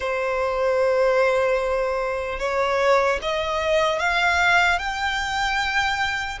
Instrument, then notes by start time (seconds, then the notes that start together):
violin
0.00 C5
2.39 C#5
3.21 D#5
3.99 F5
4.79 G5